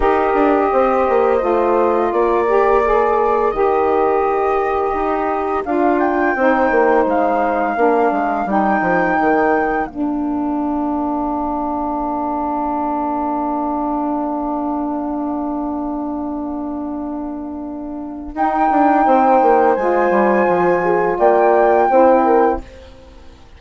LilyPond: <<
  \new Staff \with { instrumentName = "flute" } { \time 4/4 \tempo 4 = 85 dis''2. d''4~ | d''4 dis''2. | f''8 g''4. f''2 | g''2 f''2~ |
f''1~ | f''1~ | f''2 g''2 | gis''2 g''2 | }
  \new Staff \with { instrumentName = "horn" } { \time 4/4 ais'4 c''2 ais'4~ | ais'1~ | ais'4 c''2 ais'4~ | ais'1~ |
ais'1~ | ais'1~ | ais'2. c''4~ | c''4. gis'8 d''4 c''8 ais'8 | }
  \new Staff \with { instrumentName = "saxophone" } { \time 4/4 g'2 f'4. g'8 | gis'4 g'2. | f'4 dis'2 d'4 | dis'2 d'2~ |
d'1~ | d'1~ | d'2 dis'2 | f'2. e'4 | }
  \new Staff \with { instrumentName = "bassoon" } { \time 4/4 dis'8 d'8 c'8 ais8 a4 ais4~ | ais4 dis2 dis'4 | d'4 c'8 ais8 gis4 ais8 gis8 | g8 f8 dis4 ais2~ |
ais1~ | ais1~ | ais2 dis'8 d'8 c'8 ais8 | gis8 g8 f4 ais4 c'4 | }
>>